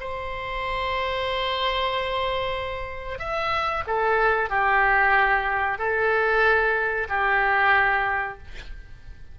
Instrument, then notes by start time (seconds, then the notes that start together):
oboe
0.00 C5
3.19 E5
3.87 A4
4.50 G4
5.79 A4
7.09 G4